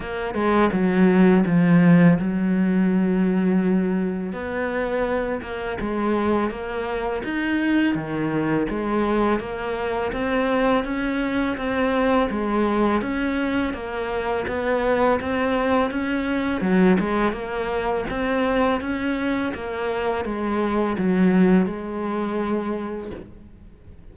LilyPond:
\new Staff \with { instrumentName = "cello" } { \time 4/4 \tempo 4 = 83 ais8 gis8 fis4 f4 fis4~ | fis2 b4. ais8 | gis4 ais4 dis'4 dis4 | gis4 ais4 c'4 cis'4 |
c'4 gis4 cis'4 ais4 | b4 c'4 cis'4 fis8 gis8 | ais4 c'4 cis'4 ais4 | gis4 fis4 gis2 | }